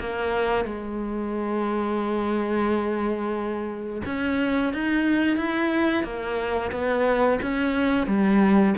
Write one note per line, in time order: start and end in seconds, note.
0.00 0.65 A#3
0.65 4.02 G#3
4.06 4.73 C#4
4.73 5.37 D#4
5.37 6.04 E4
6.04 6.71 A#3
6.72 7.39 B3
7.42 8.07 C#4
8.07 8.75 G3